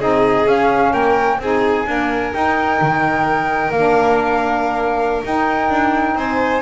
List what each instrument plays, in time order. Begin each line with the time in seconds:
0.00 double bass C4, saxophone D#4, violin G#4, flute D#5
0.46 double bass C#4, saxophone C#4, flute F5
0.92 double bass A#3, violin A#4, flute G5
1.39 double bass C4, saxophone D#4, violin G#4, flute G#5
1.85 saxophone A#3, double bass D4, violin A#4
2.33 saxophone D#4, double bass D#4, flute G5
2.81 double bass D#3
3.71 double bass A#3, saxophone D4, flute F5
5.25 double bass D#4, saxophone D#4, flute G5
5.69 double bass D4
6.15 double bass C4, violin C5, flute G#5